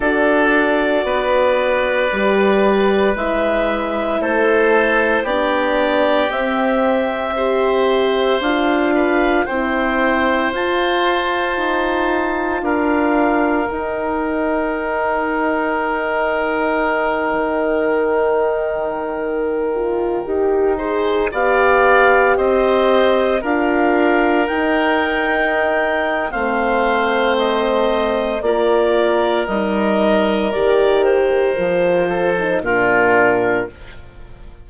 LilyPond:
<<
  \new Staff \with { instrumentName = "clarinet" } { \time 4/4 \tempo 4 = 57 d''2. e''4 | c''4 d''4 e''2 | f''4 g''4 a''2 | f''4 g''2.~ |
g''1~ | g''16 f''4 dis''4 f''4 g''8.~ | g''4 f''4 dis''4 d''4 | dis''4 d''8 c''4. ais'4 | }
  \new Staff \with { instrumentName = "oboe" } { \time 4/4 a'4 b'2. | a'4 g'2 c''4~ | c''8 b'8 c''2. | ais'1~ |
ais'2.~ ais'8. c''16~ | c''16 d''4 c''4 ais'4.~ ais'16~ | ais'4 c''2 ais'4~ | ais'2~ ais'8 a'8 f'4 | }
  \new Staff \with { instrumentName = "horn" } { \time 4/4 fis'2 g'4 e'4~ | e'4 d'4 c'4 g'4 | f'4 e'4 f'2~ | f'4 dis'2.~ |
dis'2~ dis'8. f'8 g'8 gis'16~ | gis'16 g'2 f'4 dis'8.~ | dis'4 c'2 f'4 | dis'4 g'4 f'8. dis'16 d'4 | }
  \new Staff \with { instrumentName = "bassoon" } { \time 4/4 d'4 b4 g4 gis4 | a4 b4 c'2 | d'4 c'4 f'4 dis'4 | d'4 dis'2.~ |
dis'8 dis2~ dis8. dis'8.~ | dis'16 b4 c'4 d'4 dis'8.~ | dis'4 a2 ais4 | g4 dis4 f4 ais,4 | }
>>